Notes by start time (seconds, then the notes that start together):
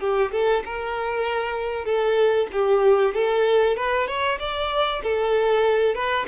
0.00 G4
0.32 A4
0.65 A#4
1.85 A4
2.52 G4
3.14 A4
3.76 B4
4.08 C#5
4.39 D5
5.03 A4
5.95 B4